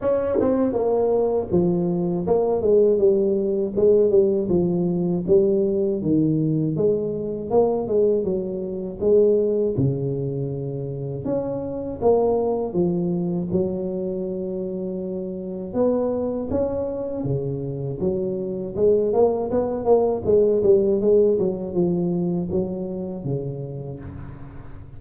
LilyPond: \new Staff \with { instrumentName = "tuba" } { \time 4/4 \tempo 4 = 80 cis'8 c'8 ais4 f4 ais8 gis8 | g4 gis8 g8 f4 g4 | dis4 gis4 ais8 gis8 fis4 | gis4 cis2 cis'4 |
ais4 f4 fis2~ | fis4 b4 cis'4 cis4 | fis4 gis8 ais8 b8 ais8 gis8 g8 | gis8 fis8 f4 fis4 cis4 | }